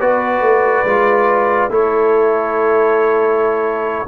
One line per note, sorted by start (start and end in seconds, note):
0.00 0.41 B3
0.00 0.86 F#4
0.00 1.71 B4
0.00 1.72 D5
0.41 0.84 A3
0.84 1.69 G#3
0.84 1.70 F4
1.69 4.05 A3
1.69 4.06 E4
1.69 4.06 A4
1.69 4.08 C#5